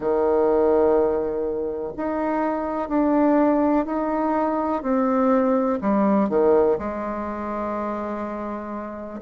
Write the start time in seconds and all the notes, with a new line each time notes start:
0.00 D#3
1.96 D#4
2.88 D4
3.85 D#4
4.82 C4
5.81 G3
6.29 D#3
6.78 G#3